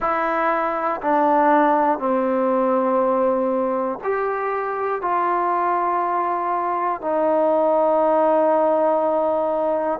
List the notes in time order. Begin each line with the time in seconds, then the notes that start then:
0.00 E4
1.01 D4
1.99 C4
4.03 G4
5.01 F4
7.00 D#4